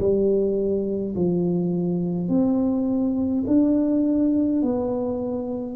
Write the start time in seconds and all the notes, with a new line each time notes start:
0.00 G3
1.16 F3
2.29 C4
3.48 D4
4.63 B3